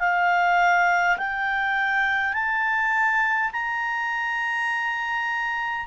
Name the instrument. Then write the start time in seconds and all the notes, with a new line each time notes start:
clarinet
0.00 F5
1.18 G5
2.34 A5
3.53 A#5